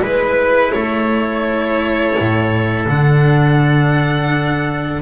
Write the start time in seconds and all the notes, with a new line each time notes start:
0.00 G#3 E4 B4
0.71 A3 A4 C#5
2.19 A2
2.86 D3 D4 F#5